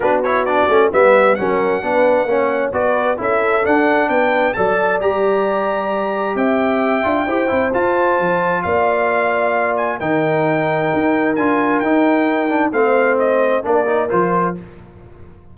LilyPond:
<<
  \new Staff \with { instrumentName = "trumpet" } { \time 4/4 \tempo 4 = 132 b'8 cis''8 d''4 e''4 fis''4~ | fis''2 d''4 e''4 | fis''4 g''4 a''4 ais''4~ | ais''2 g''2~ |
g''4 a''2 f''4~ | f''4. gis''8 g''2~ | g''4 gis''4 g''2 | f''4 dis''4 d''4 c''4 | }
  \new Staff \with { instrumentName = "horn" } { \time 4/4 fis'2 b'4 ais'4 | b'4 cis''4 b'4 a'4~ | a'4 b'4 d''2~ | d''2 e''2 |
c''2. d''4~ | d''2 ais'2~ | ais'1 | c''2 ais'2 | }
  \new Staff \with { instrumentName = "trombone" } { \time 4/4 d'8 e'8 d'8 cis'8 b4 cis'4 | d'4 cis'4 fis'4 e'4 | d'2 a'4 g'4~ | g'2.~ g'8 f'8 |
g'8 e'8 f'2.~ | f'2 dis'2~ | dis'4 f'4 dis'4. d'8 | c'2 d'8 dis'8 f'4 | }
  \new Staff \with { instrumentName = "tuba" } { \time 4/4 b4. a8 g4 fis4 | b4 ais4 b4 cis'4 | d'4 b4 fis4 g4~ | g2 c'4. d'8 |
e'8 c'8 f'4 f4 ais4~ | ais2 dis2 | dis'4 d'4 dis'2 | a2 ais4 f4 | }
>>